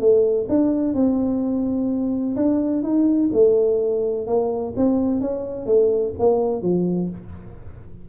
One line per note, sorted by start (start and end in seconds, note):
0.00 0.47 A3
0.49 0.94 D4
0.94 2.36 C4
2.36 2.83 D4
2.83 3.30 D#4
3.33 4.27 A3
4.27 4.74 A#3
4.77 5.21 C4
5.21 5.66 C#4
5.66 6.14 A3
6.19 6.62 A#3
6.62 7.09 F3